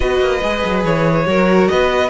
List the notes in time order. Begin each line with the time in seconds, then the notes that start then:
0.00 B3 F#4 B4 D#5
0.20 A#3
0.42 G#3 G#4
0.64 F#3
0.84 E3 C#5
1.26 F#3 F#4 A#4
1.68 B3 B4 D#5